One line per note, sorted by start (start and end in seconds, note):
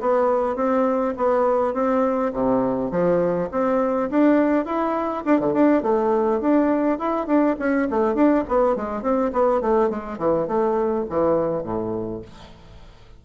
0.00 0.55 B3
0.55 1.14 C4
1.17 1.74 B3
1.74 2.32 C4
2.33 2.91 C3
2.91 3.49 F3
3.51 4.10 C4
4.10 4.65 D4
4.65 5.24 E4
5.25 5.39 D4
5.39 5.53 D3
5.53 5.83 D4
5.83 6.41 A3
6.41 6.98 D4
6.98 7.26 E4
7.26 7.55 D4
7.59 7.88 C#4
7.90 8.14 A3
8.14 8.44 D4
8.48 8.75 B3
8.75 9.02 G#3
9.02 9.31 C4
9.33 9.61 B3
9.61 9.89 A3
9.89 10.18 G#3
10.18 10.47 E3
10.47 11.05 A3
11.09 11.63 E3
11.63 12.21 A2